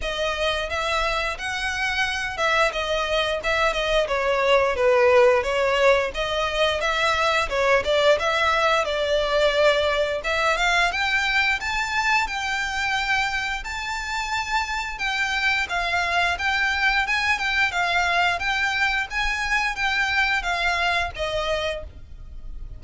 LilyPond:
\new Staff \with { instrumentName = "violin" } { \time 4/4 \tempo 4 = 88 dis''4 e''4 fis''4. e''8 | dis''4 e''8 dis''8 cis''4 b'4 | cis''4 dis''4 e''4 cis''8 d''8 | e''4 d''2 e''8 f''8 |
g''4 a''4 g''2 | a''2 g''4 f''4 | g''4 gis''8 g''8 f''4 g''4 | gis''4 g''4 f''4 dis''4 | }